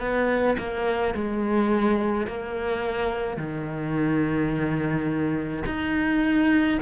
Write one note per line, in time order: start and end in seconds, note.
0.00 0.57 B3
0.58 1.14 A#3
1.14 2.27 G#3
2.27 3.37 A#3
3.37 5.63 D#3
5.66 6.79 D#4